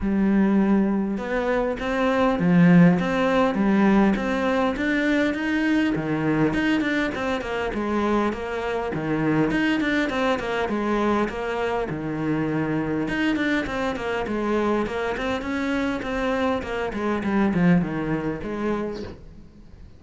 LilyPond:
\new Staff \with { instrumentName = "cello" } { \time 4/4 \tempo 4 = 101 g2 b4 c'4 | f4 c'4 g4 c'4 | d'4 dis'4 dis4 dis'8 d'8 | c'8 ais8 gis4 ais4 dis4 |
dis'8 d'8 c'8 ais8 gis4 ais4 | dis2 dis'8 d'8 c'8 ais8 | gis4 ais8 c'8 cis'4 c'4 | ais8 gis8 g8 f8 dis4 gis4 | }